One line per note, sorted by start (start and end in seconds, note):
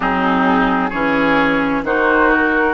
0.00 0.92 F#3
0.00 0.92 C4
0.00 0.89 D#4
0.00 0.90 G#4
0.89 1.82 E3
0.89 1.84 C#4
0.89 1.81 G#4
0.89 1.82 C#5
1.82 2.73 D#3
1.82 2.73 D#4
1.82 2.73 F#4
1.82 2.32 C5
2.32 2.73 A#4